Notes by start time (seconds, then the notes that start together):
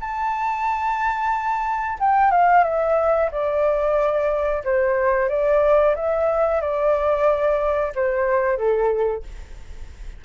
0.00 A5
1.99 G5
2.31 F5
2.64 E5
3.31 D5
4.64 C5
5.29 D5
5.95 E5
6.61 D5
7.95 C5
8.57 A4